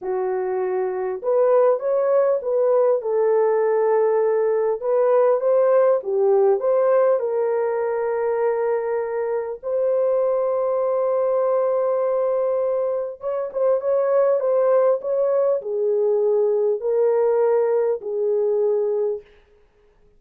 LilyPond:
\new Staff \with { instrumentName = "horn" } { \time 4/4 \tempo 4 = 100 fis'2 b'4 cis''4 | b'4 a'2. | b'4 c''4 g'4 c''4 | ais'1 |
c''1~ | c''2 cis''8 c''8 cis''4 | c''4 cis''4 gis'2 | ais'2 gis'2 | }